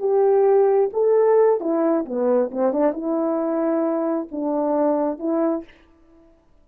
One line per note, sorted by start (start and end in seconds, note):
0.00 0.90 G4
0.94 1.61 A4
1.61 2.06 E4
2.06 2.51 B3
2.52 2.73 C4
2.73 2.93 D4
2.93 4.28 E4
4.32 5.20 D4
5.20 5.65 E4